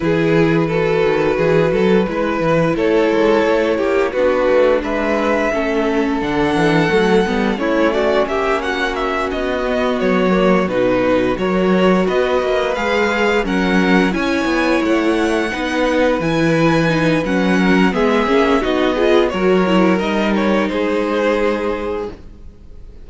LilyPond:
<<
  \new Staff \with { instrumentName = "violin" } { \time 4/4 \tempo 4 = 87 b'1 | cis''2 b'4 e''4~ | e''4 fis''2 cis''8 d''8 | e''8 fis''8 e''8 dis''4 cis''4 b'8~ |
b'8 cis''4 dis''4 f''4 fis''8~ | fis''8 gis''4 fis''2 gis''8~ | gis''4 fis''4 e''4 dis''4 | cis''4 dis''8 cis''8 c''2 | }
  \new Staff \with { instrumentName = "violin" } { \time 4/4 gis'4 a'4 gis'8 a'8 b'4 | a'4. g'8 fis'4 b'4 | a'2. e'8 fis'8 | g'8 fis'2.~ fis'8~ |
fis'8 ais'4 b'2 ais'8~ | ais'8 cis''2 b'4.~ | b'4. ais'8 gis'4 fis'8 gis'8 | ais'2 gis'2 | }
  \new Staff \with { instrumentName = "viola" } { \time 4/4 e'4 fis'2 e'4~ | e'2 d'2 | cis'4 d'4 a8 b8 cis'4~ | cis'2 b4 ais8 dis'8~ |
dis'8 fis'2 gis'4 cis'8~ | cis'8 e'2 dis'4 e'8~ | e'8 dis'8 cis'4 b8 cis'8 dis'8 f'8 | fis'8 e'8 dis'2. | }
  \new Staff \with { instrumentName = "cello" } { \time 4/4 e4. dis8 e8 fis8 gis8 e8 | a8 gis8 a8 ais8 b8 a8 gis4 | a4 d8 e8 fis8 g8 a4 | ais4. b4 fis4 b,8~ |
b,8 fis4 b8 ais8 gis4 fis8~ | fis8 cis'8 b8 a4 b4 e8~ | e4 fis4 gis8 ais8 b4 | fis4 g4 gis2 | }
>>